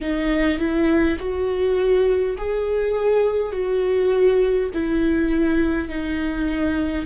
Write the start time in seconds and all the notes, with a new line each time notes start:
0.01 D#4
0.58 E4
1.19 F#4
2.37 G#4
3.51 F#4
4.73 E4
5.88 D#4